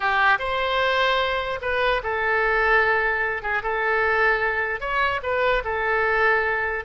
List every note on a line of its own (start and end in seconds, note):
0.00 0.38 G4
0.38 1.59 C5
1.61 2.02 B4
2.03 3.42 A4
3.42 3.62 G#4
3.62 4.80 A4
4.80 5.20 C#5
5.23 5.63 B4
5.64 6.84 A4